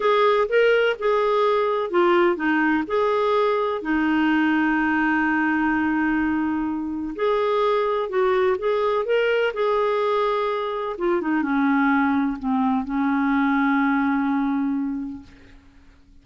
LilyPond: \new Staff \with { instrumentName = "clarinet" } { \time 4/4 \tempo 4 = 126 gis'4 ais'4 gis'2 | f'4 dis'4 gis'2 | dis'1~ | dis'2. gis'4~ |
gis'4 fis'4 gis'4 ais'4 | gis'2. f'8 dis'8 | cis'2 c'4 cis'4~ | cis'1 | }